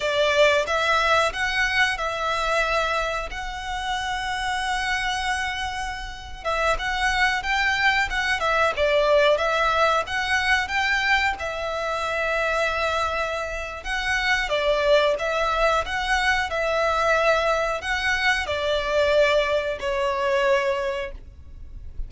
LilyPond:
\new Staff \with { instrumentName = "violin" } { \time 4/4 \tempo 4 = 91 d''4 e''4 fis''4 e''4~ | e''4 fis''2.~ | fis''4.~ fis''16 e''8 fis''4 g''8.~ | g''16 fis''8 e''8 d''4 e''4 fis''8.~ |
fis''16 g''4 e''2~ e''8.~ | e''4 fis''4 d''4 e''4 | fis''4 e''2 fis''4 | d''2 cis''2 | }